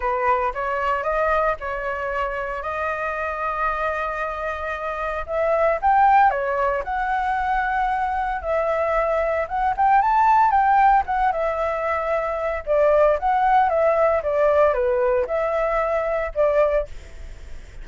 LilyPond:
\new Staff \with { instrumentName = "flute" } { \time 4/4 \tempo 4 = 114 b'4 cis''4 dis''4 cis''4~ | cis''4 dis''2.~ | dis''2 e''4 g''4 | cis''4 fis''2. |
e''2 fis''8 g''8 a''4 | g''4 fis''8 e''2~ e''8 | d''4 fis''4 e''4 d''4 | b'4 e''2 d''4 | }